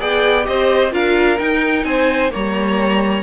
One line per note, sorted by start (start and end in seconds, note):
0.00 0.47 B3
0.00 0.43 G#4
0.00 0.46 D5
0.00 0.45 G5
0.43 0.93 C4
0.43 0.89 G4
0.43 0.92 C5
0.43 0.91 D#5
0.91 1.39 D4
0.91 1.37 F4
0.91 1.85 A#4
0.91 1.38 F5
1.38 2.30 D#4
1.38 1.84 D#4
1.38 1.84 G5
1.84 2.31 C4
1.84 2.32 C5
1.84 2.30 G#5
2.30 3.22 G3
2.30 3.22 A#3
2.30 3.22 C#5
2.30 3.22 A#5